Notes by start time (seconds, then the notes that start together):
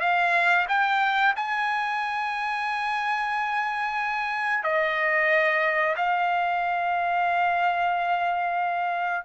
0.00 F5
0.68 G5
1.36 G#5
4.64 D#5
5.97 F5